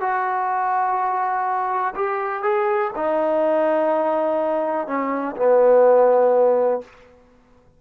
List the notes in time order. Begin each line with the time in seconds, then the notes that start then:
0.00 F#4
1.95 G4
2.42 G#4
2.95 D#4
4.87 C#4
5.36 B3